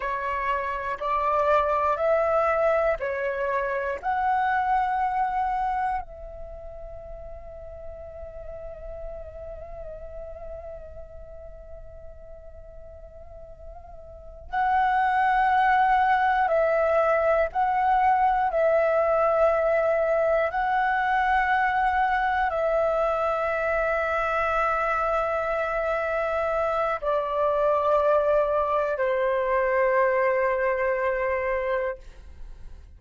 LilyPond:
\new Staff \with { instrumentName = "flute" } { \time 4/4 \tempo 4 = 60 cis''4 d''4 e''4 cis''4 | fis''2 e''2~ | e''1~ | e''2~ e''8 fis''4.~ |
fis''8 e''4 fis''4 e''4.~ | e''8 fis''2 e''4.~ | e''2. d''4~ | d''4 c''2. | }